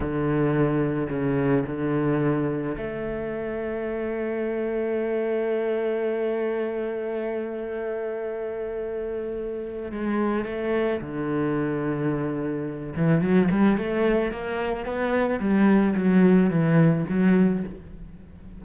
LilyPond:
\new Staff \with { instrumentName = "cello" } { \time 4/4 \tempo 4 = 109 d2 cis4 d4~ | d4 a2.~ | a1~ | a1~ |
a2 gis4 a4 | d2.~ d8 e8 | fis8 g8 a4 ais4 b4 | g4 fis4 e4 fis4 | }